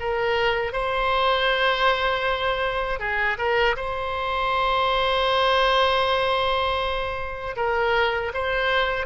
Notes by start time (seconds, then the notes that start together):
0.00 A#4
0.73 C5
2.99 G#4
3.38 A#4
3.76 C5
7.56 A#4
8.34 C5